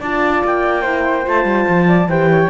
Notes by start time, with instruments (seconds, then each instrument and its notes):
0.00 cello D4, horn F4, flute D5, clarinet A5
0.44 cello A#3, clarinet G5
0.82 horn E4, flute C5
1.22 cello A3, horn F4, clarinet A5
1.44 cello G3
1.69 cello F3
1.88 flute D5
2.07 cello E3, horn G4, flute C5, clarinet G5
2.31 flute C#5